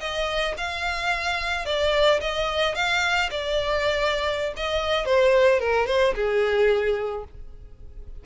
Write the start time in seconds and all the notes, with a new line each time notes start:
0.00 D#5
0.57 F5
1.65 D5
2.20 D#5
2.75 F5
3.30 D5
4.56 D#5
5.05 C5
5.60 A#4
5.87 C5
6.15 G#4